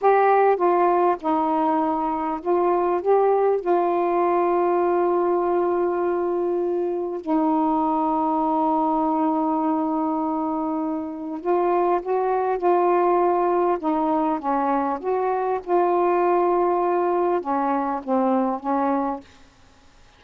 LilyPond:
\new Staff \with { instrumentName = "saxophone" } { \time 4/4 \tempo 4 = 100 g'4 f'4 dis'2 | f'4 g'4 f'2~ | f'1 | dis'1~ |
dis'2. f'4 | fis'4 f'2 dis'4 | cis'4 fis'4 f'2~ | f'4 cis'4 c'4 cis'4 | }